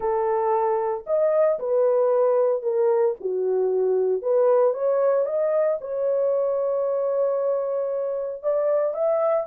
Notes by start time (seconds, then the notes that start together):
0.00 A4
1.06 D#5
1.59 B4
2.62 A#4
3.20 F#4
4.22 B4
4.73 C#5
5.25 D#5
5.80 C#5
8.42 D5
8.93 E5